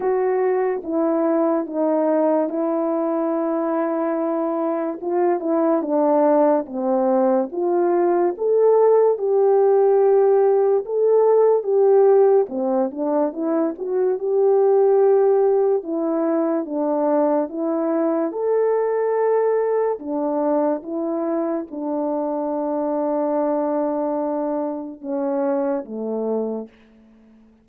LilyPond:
\new Staff \with { instrumentName = "horn" } { \time 4/4 \tempo 4 = 72 fis'4 e'4 dis'4 e'4~ | e'2 f'8 e'8 d'4 | c'4 f'4 a'4 g'4~ | g'4 a'4 g'4 c'8 d'8 |
e'8 fis'8 g'2 e'4 | d'4 e'4 a'2 | d'4 e'4 d'2~ | d'2 cis'4 a4 | }